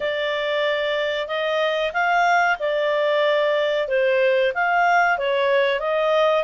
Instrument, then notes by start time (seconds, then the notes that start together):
clarinet
0.00 D5
1.27 D#5
1.93 F5
2.59 D5
3.88 C5
4.54 F5
5.18 C#5
5.79 D#5